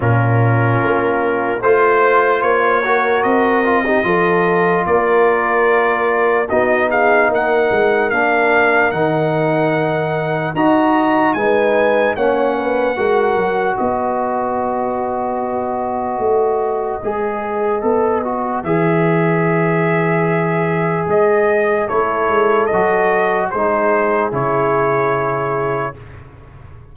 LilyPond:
<<
  \new Staff \with { instrumentName = "trumpet" } { \time 4/4 \tempo 4 = 74 ais'2 c''4 cis''4 | dis''2 d''2 | dis''8 f''8 fis''4 f''4 fis''4~ | fis''4 ais''4 gis''4 fis''4~ |
fis''4 dis''2.~ | dis''2. e''4~ | e''2 dis''4 cis''4 | dis''4 c''4 cis''2 | }
  \new Staff \with { instrumentName = "horn" } { \time 4/4 f'2 c''4. ais'8~ | ais'8. g'16 a'4 ais'2 | fis'8 gis'8 ais'2.~ | ais'4 dis''4 b'4 cis''8 b'8 |
ais'4 b'2.~ | b'1~ | b'2. a'4~ | a'4 gis'2. | }
  \new Staff \with { instrumentName = "trombone" } { \time 4/4 cis'2 f'4. fis'8~ | fis'8 f'16 dis'16 f'2. | dis'2 d'4 dis'4~ | dis'4 fis'4 dis'4 cis'4 |
fis'1~ | fis'4 gis'4 a'8 fis'8 gis'4~ | gis'2. e'4 | fis'4 dis'4 e'2 | }
  \new Staff \with { instrumentName = "tuba" } { \time 4/4 ais,4 ais4 a4 ais4 | c'4 f4 ais2 | b4 ais8 gis8 ais4 dis4~ | dis4 dis'4 gis4 ais4 |
gis8 fis8 b2. | a4 gis4 b4 e4~ | e2 gis4 a8 gis8 | fis4 gis4 cis2 | }
>>